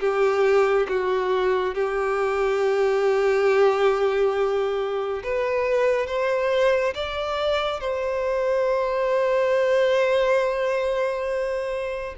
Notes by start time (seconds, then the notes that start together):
0.00 G4
0.89 F#4
1.75 G4
5.24 B4
6.07 C5
6.95 D5
7.81 C5